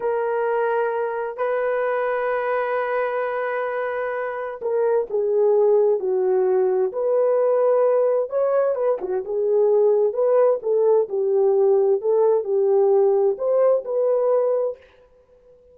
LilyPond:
\new Staff \with { instrumentName = "horn" } { \time 4/4 \tempo 4 = 130 ais'2. b'4~ | b'1~ | b'2 ais'4 gis'4~ | gis'4 fis'2 b'4~ |
b'2 cis''4 b'8 fis'8 | gis'2 b'4 a'4 | g'2 a'4 g'4~ | g'4 c''4 b'2 | }